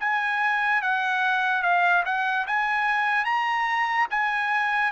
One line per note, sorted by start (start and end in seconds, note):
0.00 0.82 G#5
0.82 1.63 F#5
1.63 2.04 F5
2.05 2.46 F#5
2.47 3.25 G#5
3.25 4.07 A#5
4.11 4.92 G#5